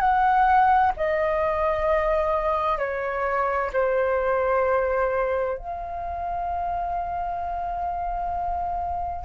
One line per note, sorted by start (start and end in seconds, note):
0.00 0.92 F#5
0.97 2.78 D#5
2.78 3.70 C#5
3.73 5.58 C5
5.58 9.25 F5